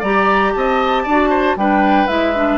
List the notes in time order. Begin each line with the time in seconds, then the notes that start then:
0.00 G3 G4 D5 A#5
0.53 C4 D#5 A5
1.04 D4 D5
1.10 F#4
1.30 C5
1.56 G3 D4 B4 G5
2.07 G#3 E4 E5
2.35 D4